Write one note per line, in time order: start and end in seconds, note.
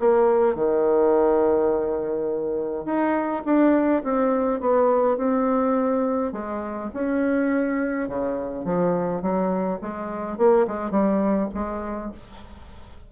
0.00 0.56 A#3
0.56 2.86 D#3
2.86 3.43 D#4
3.46 4.03 D4
4.04 4.61 C4
4.61 5.17 B3
5.17 6.33 C4
6.33 6.91 G#3
6.94 8.09 C#4
8.09 8.65 C#3
8.65 9.23 F3
9.23 9.80 F#3
9.82 10.38 G#3
10.38 10.67 A#3
10.68 10.91 G#3
10.91 11.49 G3
11.55 12.12 G#3